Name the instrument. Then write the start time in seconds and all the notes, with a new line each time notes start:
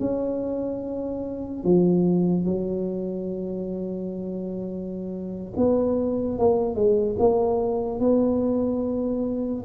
tuba
0.00 C#4
1.64 F3
2.45 F#3
5.57 B3
6.38 A#3
6.75 G#3
7.19 A#3
8.00 B3